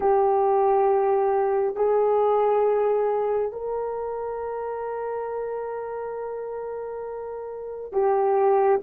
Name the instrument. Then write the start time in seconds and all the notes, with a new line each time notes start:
horn
0.00 G4
1.75 G#4
3.52 A#4
7.92 G4